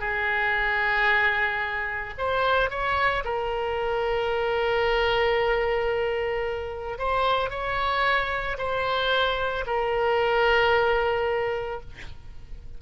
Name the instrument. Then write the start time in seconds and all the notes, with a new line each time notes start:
oboe
0.00 G#4
2.18 C5
2.70 C#5
3.25 A#4
6.99 C5
7.50 C#5
8.58 C5
9.67 A#4